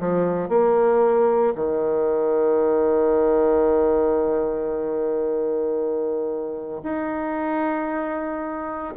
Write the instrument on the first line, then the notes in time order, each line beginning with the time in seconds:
bassoon
0.00 F3
0.49 A#3
1.56 D#3
6.83 D#4